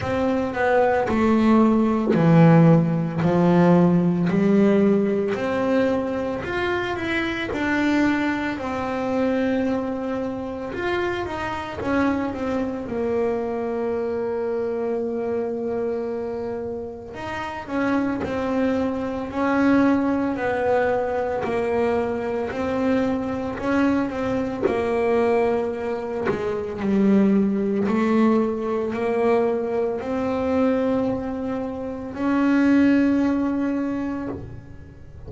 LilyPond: \new Staff \with { instrumentName = "double bass" } { \time 4/4 \tempo 4 = 56 c'8 b8 a4 e4 f4 | g4 c'4 f'8 e'8 d'4 | c'2 f'8 dis'8 cis'8 c'8 | ais1 |
dis'8 cis'8 c'4 cis'4 b4 | ais4 c'4 cis'8 c'8 ais4~ | ais8 gis8 g4 a4 ais4 | c'2 cis'2 | }